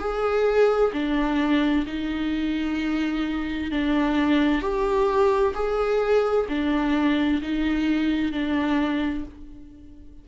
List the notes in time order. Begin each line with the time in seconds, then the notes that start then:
0.00 G#4
0.93 D4
1.87 D#4
3.72 D4
4.62 G4
5.55 G#4
6.50 D4
7.42 D#4
8.32 D4